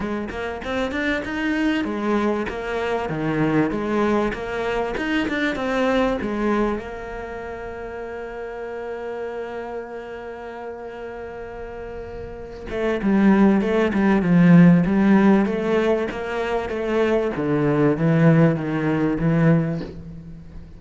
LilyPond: \new Staff \with { instrumentName = "cello" } { \time 4/4 \tempo 4 = 97 gis8 ais8 c'8 d'8 dis'4 gis4 | ais4 dis4 gis4 ais4 | dis'8 d'8 c'4 gis4 ais4~ | ais1~ |
ais1~ | ais8 a8 g4 a8 g8 f4 | g4 a4 ais4 a4 | d4 e4 dis4 e4 | }